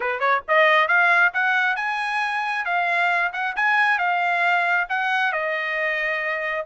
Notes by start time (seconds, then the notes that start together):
0.00 B4
0.19 C#5
0.47 D#5
0.88 F5
1.33 F#5
1.76 G#5
2.65 F5
3.32 F#5
3.56 G#5
3.98 F5
4.89 F#5
5.32 D#5